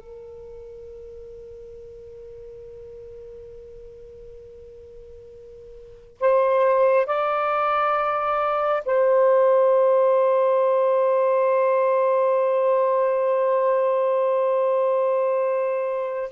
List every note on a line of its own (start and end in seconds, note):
0.00 6.18 A#4
6.20 7.07 C5
7.07 8.83 D5
8.86 16.32 C5